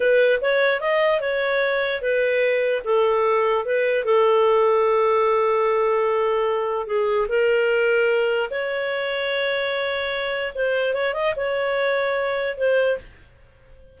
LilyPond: \new Staff \with { instrumentName = "clarinet" } { \time 4/4 \tempo 4 = 148 b'4 cis''4 dis''4 cis''4~ | cis''4 b'2 a'4~ | a'4 b'4 a'2~ | a'1~ |
a'4 gis'4 ais'2~ | ais'4 cis''2.~ | cis''2 c''4 cis''8 dis''8 | cis''2. c''4 | }